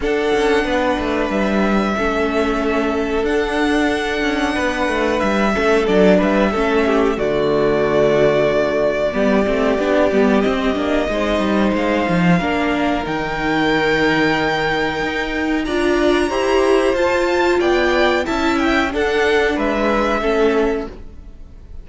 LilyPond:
<<
  \new Staff \with { instrumentName = "violin" } { \time 4/4 \tempo 4 = 92 fis''2 e''2~ | e''4 fis''2. | e''4 d''8 e''4. d''4~ | d''1 |
dis''2 f''2 | g''1 | ais''2 a''4 g''4 | a''8 g''8 fis''4 e''2 | }
  \new Staff \with { instrumentName = "violin" } { \time 4/4 a'4 b'2 a'4~ | a'2. b'4~ | b'8 a'4 b'8 a'8 g'8 fis'4~ | fis'2 g'2~ |
g'4 c''2 ais'4~ | ais'1 | d''4 c''2 d''4 | e''4 a'4 b'4 a'4 | }
  \new Staff \with { instrumentName = "viola" } { \time 4/4 d'2. cis'4~ | cis'4 d'2.~ | d'8 cis'8 d'4 cis'4 a4~ | a2 b8 c'8 d'8 b8 |
c'8 d'8 dis'2 d'4 | dis'1 | f'4 g'4 f'2 | e'4 d'2 cis'4 | }
  \new Staff \with { instrumentName = "cello" } { \time 4/4 d'8 cis'8 b8 a8 g4 a4~ | a4 d'4. cis'8 b8 a8 | g8 a8 fis8 g8 a4 d4~ | d2 g8 a8 b8 g8 |
c'8 ais8 gis8 g8 gis8 f8 ais4 | dis2. dis'4 | d'4 e'4 f'4 b4 | cis'4 d'4 gis4 a4 | }
>>